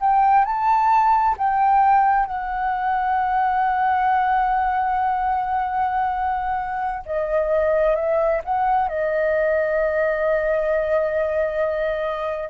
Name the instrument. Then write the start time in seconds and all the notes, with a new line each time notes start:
flute
0.00 G5
0.44 A5
1.37 G5
2.26 F#5
7.05 D#5
7.95 E5
8.44 F#5
8.88 D#5